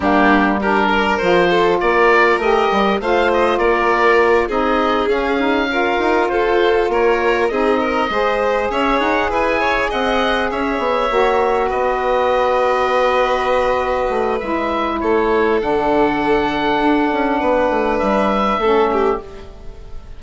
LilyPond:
<<
  \new Staff \with { instrumentName = "oboe" } { \time 4/4 \tempo 4 = 100 g'4 ais'4 c''4 d''4 | dis''4 f''8 dis''8 d''4. dis''8~ | dis''8 f''2 c''4 cis''8~ | cis''8 dis''2 e''8 fis''8 gis''8~ |
gis''8 fis''4 e''2 dis''8~ | dis''1 | e''4 cis''4 fis''2~ | fis''2 e''2 | }
  \new Staff \with { instrumentName = "violin" } { \time 4/4 d'4 g'8 ais'4 a'8 ais'4~ | ais'4 c''4 ais'4. gis'8~ | gis'4. ais'4 a'4 ais'8~ | ais'8 gis'8 ais'8 c''4 cis''4 b'8 |
cis''8 dis''4 cis''2 b'8~ | b'1~ | b'4 a'2.~ | a'4 b'2 a'8 g'8 | }
  \new Staff \with { instrumentName = "saxophone" } { \time 4/4 ais4 d'4 f'2 | g'4 f'2~ f'8 dis'8~ | dis'8 cis'8 dis'8 f'2~ f'8~ | f'8 dis'4 gis'2~ gis'8~ |
gis'2~ gis'8 fis'4.~ | fis'1 | e'2 d'2~ | d'2. cis'4 | }
  \new Staff \with { instrumentName = "bassoon" } { \time 4/4 g2 f4 ais4 | a8 g8 a4 ais4. c'8~ | c'8 cis'4. dis'8 f'4 ais8~ | ais8 c'4 gis4 cis'8 dis'8 e'8~ |
e'8 c'4 cis'8 b8 ais4 b8~ | b2.~ b8 a8 | gis4 a4 d2 | d'8 cis'8 b8 a8 g4 a4 | }
>>